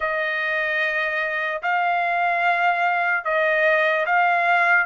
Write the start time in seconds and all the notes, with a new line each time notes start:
0.00 D#5
1.62 F5
3.24 D#5
4.05 F5